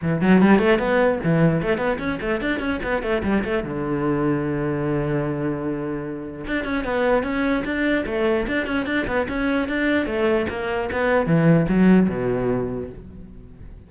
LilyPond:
\new Staff \with { instrumentName = "cello" } { \time 4/4 \tempo 4 = 149 e8 fis8 g8 a8 b4 e4 | a8 b8 cis'8 a8 d'8 cis'8 b8 a8 | g8 a8 d2.~ | d1 |
d'8 cis'8 b4 cis'4 d'4 | a4 d'8 cis'8 d'8 b8 cis'4 | d'4 a4 ais4 b4 | e4 fis4 b,2 | }